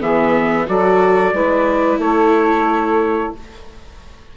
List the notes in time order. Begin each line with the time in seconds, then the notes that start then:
0.00 E3 B3 G#4 E5
0.67 F#3 F#4 A4 D5
1.33 G#3 E4 B4
1.98 A3 A4 C#5